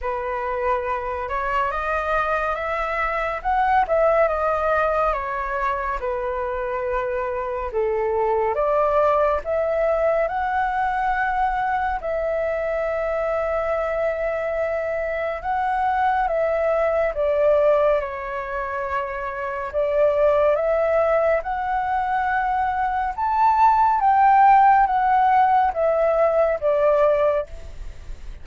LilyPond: \new Staff \with { instrumentName = "flute" } { \time 4/4 \tempo 4 = 70 b'4. cis''8 dis''4 e''4 | fis''8 e''8 dis''4 cis''4 b'4~ | b'4 a'4 d''4 e''4 | fis''2 e''2~ |
e''2 fis''4 e''4 | d''4 cis''2 d''4 | e''4 fis''2 a''4 | g''4 fis''4 e''4 d''4 | }